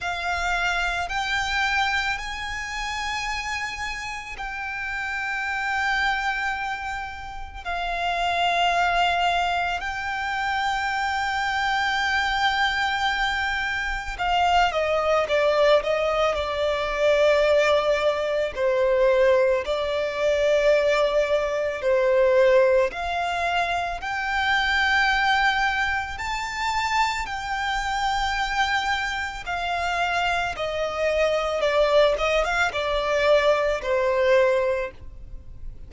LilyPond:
\new Staff \with { instrumentName = "violin" } { \time 4/4 \tempo 4 = 55 f''4 g''4 gis''2 | g''2. f''4~ | f''4 g''2.~ | g''4 f''8 dis''8 d''8 dis''8 d''4~ |
d''4 c''4 d''2 | c''4 f''4 g''2 | a''4 g''2 f''4 | dis''4 d''8 dis''16 f''16 d''4 c''4 | }